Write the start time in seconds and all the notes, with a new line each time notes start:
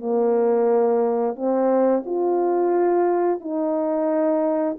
0.00 A#3
1.36 C4
2.06 F4
3.41 D#4